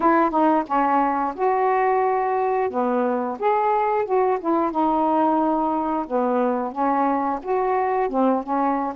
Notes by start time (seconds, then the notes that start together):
0.00 E4
0.30 D#4
0.66 C#4
1.35 F#4
2.70 B3
3.39 G#4
4.04 F#4
4.40 E4
4.71 D#4
6.07 B3
6.72 C#4
7.42 F#4
8.09 C4
8.43 C#4